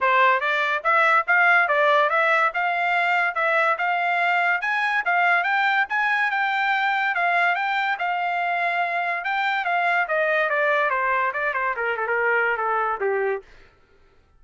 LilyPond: \new Staff \with { instrumentName = "trumpet" } { \time 4/4 \tempo 4 = 143 c''4 d''4 e''4 f''4 | d''4 e''4 f''2 | e''4 f''2 gis''4 | f''4 g''4 gis''4 g''4~ |
g''4 f''4 g''4 f''4~ | f''2 g''4 f''4 | dis''4 d''4 c''4 d''8 c''8 | ais'8 a'16 ais'4~ ais'16 a'4 g'4 | }